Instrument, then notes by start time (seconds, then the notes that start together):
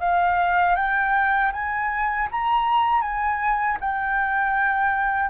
flute
0.00 F5
0.76 G5
1.52 G#5
2.31 A#5
3.02 G#5
3.80 G5